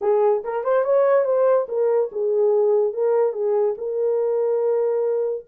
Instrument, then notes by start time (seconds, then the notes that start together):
horn
0.01 G#4
0.44 A#4
0.64 C5
0.84 C#5
1.25 C5
1.68 A#4
2.12 G#4
2.93 A#4
3.32 G#4
3.77 A#4